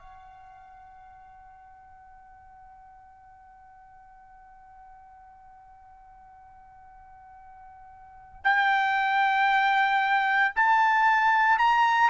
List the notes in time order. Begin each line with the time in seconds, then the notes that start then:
0.00 F#5
8.44 G5
10.56 A5
11.59 A#5